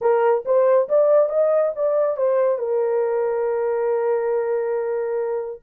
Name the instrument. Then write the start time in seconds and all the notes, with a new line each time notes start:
horn
0.01 A#4
0.45 C5
0.88 D5
1.29 D#5
1.75 D5
2.16 C5
2.58 A#4